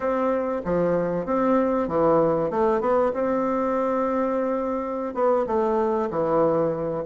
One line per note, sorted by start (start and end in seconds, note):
0.00 0.61 C4
0.64 1.25 F3
1.25 1.88 C4
1.88 2.50 E3
2.50 2.80 A3
2.80 3.11 B3
3.13 5.14 C4
5.14 5.45 B3
5.46 6.09 A3
6.10 7.04 E3